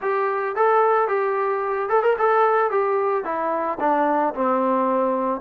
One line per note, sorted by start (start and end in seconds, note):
0.01 0.55 G4
0.55 1.08 A4
1.08 1.89 G4
1.89 2.02 A4
2.03 2.16 A#4
2.18 2.70 A4
2.70 3.24 G4
3.24 3.78 E4
3.80 4.34 D4
4.34 5.41 C4